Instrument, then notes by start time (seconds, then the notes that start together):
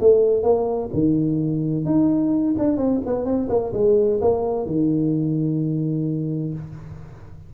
tuba
0.00 A3
0.43 A#3
0.93 D#3
1.85 D#4
2.58 D4
2.77 C4
3.06 B3
3.25 C4
3.49 A#3
3.74 G#3
4.21 A#3
4.66 D#3